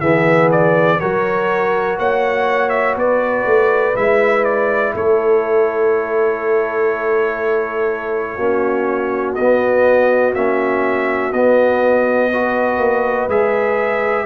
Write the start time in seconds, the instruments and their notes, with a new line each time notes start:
0.00 tuba E3, trombone B3, horn G#4, trumpet E5
0.51 trumpet D5
1.00 tuba F#3, trombone F#4, horn A#4, trumpet C#5
1.98 tuba A#3, horn C#5, trumpet F#5
2.69 trumpet E5
2.96 tuba B3, horn B4, trumpet D5
3.45 tuba A3
3.96 tuba G#3, trombone E4, trumpet E5
4.44 trumpet D5
4.94 tuba A3, horn A4, trumpet C#5
8.36 tuba A#3, trombone C#4, horn F#4
9.35 tuba B3, trombone B3, trumpet D#5
10.34 tuba A#3, trombone C#4, trumpet E5
11.32 tuba B3, trombone B3, trumpet D#5
12.30 trombone F#4, horn B4
12.78 tuba A#3
13.28 tuba G#3, trombone G#4, trumpet E5